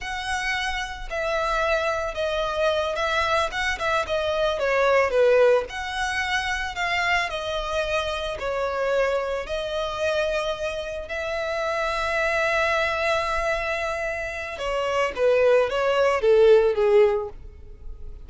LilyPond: \new Staff \with { instrumentName = "violin" } { \time 4/4 \tempo 4 = 111 fis''2 e''2 | dis''4. e''4 fis''8 e''8 dis''8~ | dis''8 cis''4 b'4 fis''4.~ | fis''8 f''4 dis''2 cis''8~ |
cis''4. dis''2~ dis''8~ | dis''8 e''2.~ e''8~ | e''2. cis''4 | b'4 cis''4 a'4 gis'4 | }